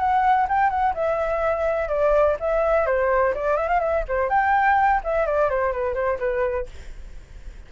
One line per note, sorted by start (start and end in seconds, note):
0.00 0.48 F#5
0.49 0.70 G5
0.70 0.94 F#5
0.95 1.89 E5
1.89 2.37 D5
2.40 2.87 E5
2.87 3.34 C5
3.35 3.57 D5
3.57 3.69 E5
3.69 3.81 F5
3.81 4.04 E5
4.09 4.30 C5
4.30 5.01 G5
5.04 5.27 E5
5.27 5.50 D5
5.50 5.73 C5
5.73 5.95 B4
5.95 6.19 C5
6.19 6.67 B4